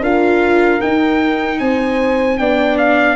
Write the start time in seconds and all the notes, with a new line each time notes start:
0.00 D4 F4 A#4 F5
0.80 D#4 G5
1.58 C4 C5 G#5
2.37 B3 D4 D5 G5
2.77 F5